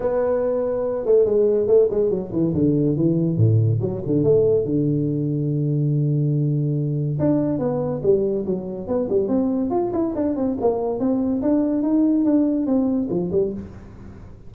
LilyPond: \new Staff \with { instrumentName = "tuba" } { \time 4/4 \tempo 4 = 142 b2~ b8 a8 gis4 | a8 gis8 fis8 e8 d4 e4 | a,4 fis8 d8 a4 d4~ | d1~ |
d4 d'4 b4 g4 | fis4 b8 g8 c'4 f'8 e'8 | d'8 c'8 ais4 c'4 d'4 | dis'4 d'4 c'4 f8 g8 | }